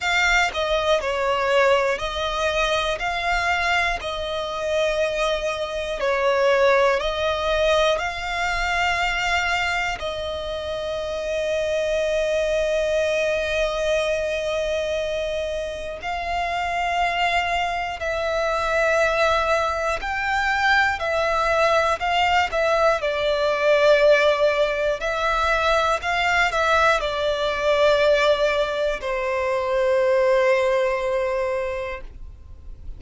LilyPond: \new Staff \with { instrumentName = "violin" } { \time 4/4 \tempo 4 = 60 f''8 dis''8 cis''4 dis''4 f''4 | dis''2 cis''4 dis''4 | f''2 dis''2~ | dis''1 |
f''2 e''2 | g''4 e''4 f''8 e''8 d''4~ | d''4 e''4 f''8 e''8 d''4~ | d''4 c''2. | }